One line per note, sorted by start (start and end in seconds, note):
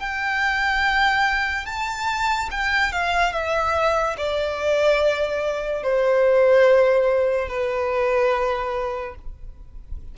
0.00 1.66 G5
1.66 2.50 A5
2.52 2.92 G5
2.92 3.33 F5
3.33 4.16 E5
4.18 5.83 D5
5.83 7.48 C5
7.48 9.15 B4